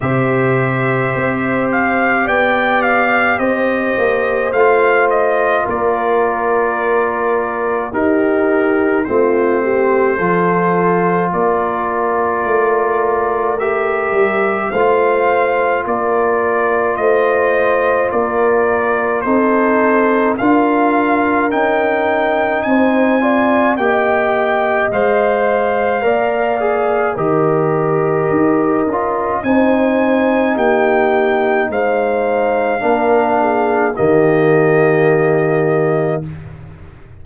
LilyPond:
<<
  \new Staff \with { instrumentName = "trumpet" } { \time 4/4 \tempo 4 = 53 e''4. f''8 g''8 f''8 dis''4 | f''8 dis''8 d''2 ais'4 | c''2 d''2 | e''4 f''4 d''4 dis''4 |
d''4 c''4 f''4 g''4 | gis''4 g''4 f''2 | dis''2 gis''4 g''4 | f''2 dis''2 | }
  \new Staff \with { instrumentName = "horn" } { \time 4/4 c''2 d''4 c''4~ | c''4 ais'2 g'4 | f'8 g'8 a'4 ais'2~ | ais'4 c''4 ais'4 c''4 |
ais'4 a'4 ais'2 | c''8 d''8 dis''2 d''4 | ais'2 c''4 g'4 | c''4 ais'8 gis'8 g'2 | }
  \new Staff \with { instrumentName = "trombone" } { \time 4/4 g'1 | f'2. dis'4 | c'4 f'2. | g'4 f'2.~ |
f'4 dis'4 f'4 dis'4~ | dis'8 f'8 g'4 c''4 ais'8 gis'8 | g'4. f'8 dis'2~ | dis'4 d'4 ais2 | }
  \new Staff \with { instrumentName = "tuba" } { \time 4/4 c4 c'4 b4 c'8 ais8 | a4 ais2 dis'4 | a4 f4 ais4 a4~ | a8 g8 a4 ais4 a4 |
ais4 c'4 d'4 cis'4 | c'4 ais4 gis4 ais4 | dis4 dis'8 cis'8 c'4 ais4 | gis4 ais4 dis2 | }
>>